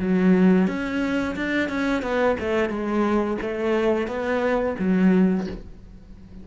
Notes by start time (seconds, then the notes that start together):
0.00 F#3
0.68 C#4
1.36 D4
1.69 C#4
2.02 B3
2.40 A3
2.70 G#3
3.42 A3
4.08 B3
4.79 F#3